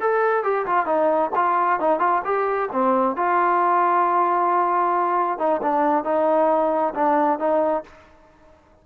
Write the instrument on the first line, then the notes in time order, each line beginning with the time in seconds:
trombone
0.00 A4
0.43 G4
0.66 F4
0.86 D#4
1.35 F4
1.80 D#4
1.99 F4
2.24 G4
2.72 C4
3.16 F4
5.39 D#4
5.62 D4
6.04 D#4
6.94 D4
7.39 D#4